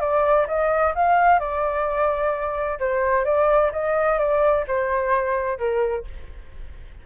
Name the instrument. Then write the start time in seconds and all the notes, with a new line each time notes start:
flute
0.00 D5
0.47 D#5
0.95 F5
1.39 D5
2.79 C5
3.25 D5
3.72 D#5
4.18 D5
4.67 C5
5.58 A#4